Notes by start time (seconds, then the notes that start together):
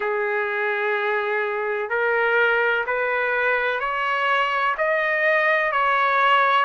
0.00 G#4
1.89 A#4
2.86 B4
3.80 C#5
4.77 D#5
5.71 C#5